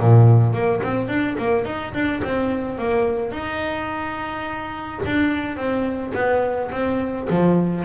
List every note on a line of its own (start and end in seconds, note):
0.00 0.54 A#2
0.54 0.82 A#3
0.84 1.09 C4
1.09 1.37 D4
1.39 1.66 A#3
1.66 1.94 D#4
1.94 2.23 D4
2.24 2.79 C4
2.79 3.32 A#3
3.32 5.01 D#4
5.06 5.57 D4
5.57 6.13 C4
6.15 6.71 B3
6.72 7.28 C4
7.30 7.85 F3